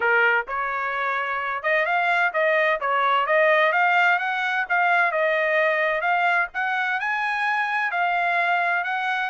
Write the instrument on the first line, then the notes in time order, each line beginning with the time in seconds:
trumpet
0.00 A#4
0.47 C#5
1.63 D#5
1.85 F5
2.33 D#5
2.80 C#5
3.26 D#5
3.72 F5
4.18 F#5
4.69 F5
5.11 D#5
6.01 F5
6.53 F#5
7.00 G#5
7.91 F5
8.84 F#5